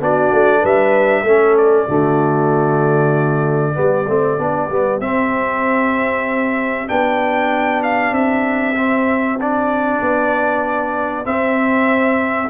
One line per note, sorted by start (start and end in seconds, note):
0.00 0.31 B3
0.00 1.25 D4
0.00 0.61 F#4
0.00 0.65 D5
0.32 0.63 A3
0.61 1.23 G3
0.61 1.23 B4
0.61 1.57 E5
1.23 1.85 A3
1.23 1.88 C#4
1.23 1.88 A4
1.57 5.01 D5
1.88 3.76 D3
1.88 3.74 A3
1.88 3.73 F#4
3.73 4.08 G3
3.73 4.05 B3
3.73 12.48 G4
4.08 4.39 A3
4.08 4.38 C4
4.38 4.69 B3
4.38 4.69 D4
4.69 5.00 G3
4.69 5.01 B3
5.00 6.88 C4
5.00 6.87 C4
5.00 6.88 E5
6.87 8.11 B3
6.87 8.75 D4
6.87 7.82 G5
7.83 8.14 F5
8.11 9.99 C4
8.11 9.39 E5
8.76 9.38 C4
9.41 11.24 D4
9.41 11.26 D5
10.01 11.26 B3
11.24 12.49 C4
11.24 12.49 E5